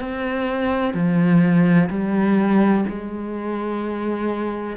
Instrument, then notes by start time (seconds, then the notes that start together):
cello
0.00 C4
0.94 F3
1.89 G3
2.89 G#3